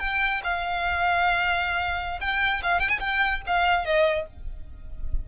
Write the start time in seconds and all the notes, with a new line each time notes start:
0.00 G5
0.44 F5
2.21 G5
2.63 F5
2.80 G5
2.89 G#5
3.00 G5
3.47 F5
3.85 D#5